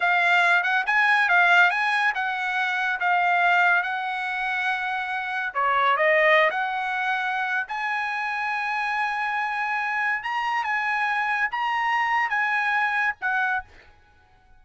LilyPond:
\new Staff \with { instrumentName = "trumpet" } { \time 4/4 \tempo 4 = 141 f''4. fis''8 gis''4 f''4 | gis''4 fis''2 f''4~ | f''4 fis''2.~ | fis''4 cis''4 dis''4~ dis''16 fis''8.~ |
fis''2 gis''2~ | gis''1 | ais''4 gis''2 ais''4~ | ais''4 gis''2 fis''4 | }